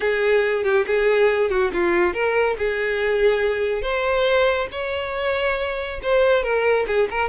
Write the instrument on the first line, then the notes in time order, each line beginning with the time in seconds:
violin
0.00 G#4
0.64 G4
0.86 G#4
1.49 F#4
1.73 F4
2.13 A#4
2.58 G#4
3.82 C5
4.71 C#5
6.02 C5
6.43 A#4
6.87 G#4
7.10 A#4